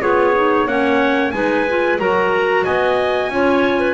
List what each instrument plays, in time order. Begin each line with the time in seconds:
0.00 double bass B3, clarinet F4 G#4, trumpet C#5
0.34 clarinet D#4
0.66 double bass A#3, clarinet C#4 C#5, trumpet F#5
1.31 double bass G#3, clarinet D#4 B4, trumpet G#5
1.69 clarinet F4
1.99 double bass F#3, clarinet F#4 A#4, trumpet A#5
2.64 double bass B3, clarinet D#5, trumpet G#5
3.29 double bass C#4, clarinet F4
3.35 clarinet C#5
3.80 clarinet B4